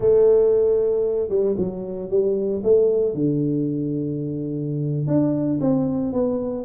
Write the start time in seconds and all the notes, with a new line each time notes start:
0.00 A3
1.29 G3
1.57 F#3
2.10 G3
2.63 A3
3.14 D3
5.07 D4
5.60 C4
6.13 B3